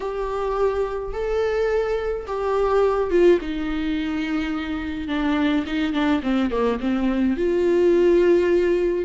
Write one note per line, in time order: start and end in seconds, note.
0.00 1.13 G4
1.13 2.26 A4
2.26 3.10 G4
3.10 3.38 F4
3.41 5.08 D#4
5.08 5.64 D4
5.66 5.93 D#4
5.93 6.21 D4
6.23 6.50 C4
6.50 6.79 A#3
6.80 7.36 C4
7.36 9.05 F4